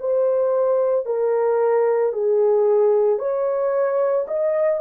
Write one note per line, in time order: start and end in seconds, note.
0.00 1.06 C5
1.06 2.13 A#4
2.13 3.19 G#4
3.19 4.26 C#5
4.28 4.81 D#5